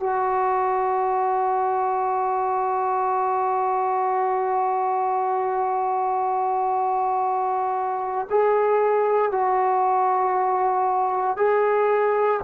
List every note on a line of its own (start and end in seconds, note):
0.00 8.28 F#4
8.30 9.32 G#4
9.32 11.37 F#4
11.37 12.40 G#4